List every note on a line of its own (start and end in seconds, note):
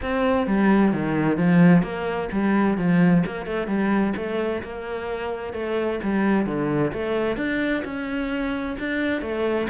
0.02 0.47 C4
0.47 0.92 G3
0.92 1.37 D#3
1.37 1.82 F3
1.82 2.28 A#3
2.32 2.77 G3
2.77 3.23 F3
3.26 3.46 A#3
3.46 3.67 A3
3.67 4.13 G3
4.16 4.62 A3
4.62 5.53 A#3
5.53 5.99 A3
6.03 6.46 G3
6.46 6.92 D3
6.93 7.37 A3
7.37 7.83 D4
7.84 8.77 C#4
8.79 9.21 D4
9.21 9.67 A3